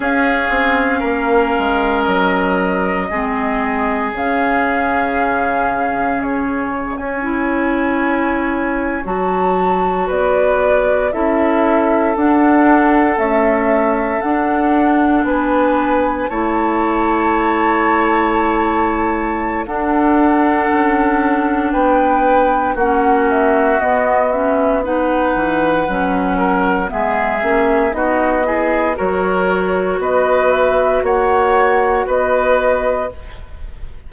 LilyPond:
<<
  \new Staff \with { instrumentName = "flute" } { \time 4/4 \tempo 4 = 58 f''2 dis''2 | f''2 cis''8. gis''4~ gis''16~ | gis''8. a''4 d''4 e''4 fis''16~ | fis''8. e''4 fis''4 gis''4 a''16~ |
a''2. fis''4~ | fis''4 g''4 fis''8 e''8 dis''8 e''8 | fis''2 e''4 dis''4 | cis''4 dis''8 e''8 fis''4 dis''4 | }
  \new Staff \with { instrumentName = "oboe" } { \time 4/4 gis'4 ais'2 gis'4~ | gis'2~ gis'8. cis''4~ cis''16~ | cis''4.~ cis''16 b'4 a'4~ a'16~ | a'2~ a'8. b'4 cis''16~ |
cis''2. a'4~ | a'4 b'4 fis'2 | b'4. ais'8 gis'4 fis'8 gis'8 | ais'4 b'4 cis''4 b'4 | }
  \new Staff \with { instrumentName = "clarinet" } { \time 4/4 cis'2. c'4 | cis'2. e'4~ | e'8. fis'2 e'4 d'16~ | d'8. a4 d'2 e'16~ |
e'2. d'4~ | d'2 cis'4 b8 cis'8 | dis'4 cis'4 b8 cis'8 dis'8 e'8 | fis'1 | }
  \new Staff \with { instrumentName = "bassoon" } { \time 4/4 cis'8 c'8 ais8 gis8 fis4 gis4 | cis2~ cis8. cis'4~ cis'16~ | cis'8. fis4 b4 cis'4 d'16~ | d'8. cis'4 d'4 b4 a16~ |
a2. d'4 | cis'4 b4 ais4 b4~ | b8 e8 fis4 gis8 ais8 b4 | fis4 b4 ais4 b4 | }
>>